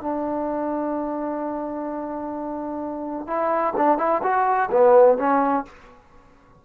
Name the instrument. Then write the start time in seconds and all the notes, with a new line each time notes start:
trombone
0.00 D4
3.26 E4
3.76 D4
3.98 E4
4.22 F#4
4.71 B3
5.18 C#4